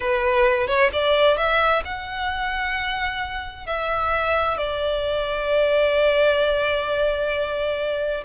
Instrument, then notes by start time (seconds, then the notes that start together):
violin
0.00 B4
0.67 C#5
0.92 D5
1.37 E5
1.84 F#5
3.66 E5
4.57 D5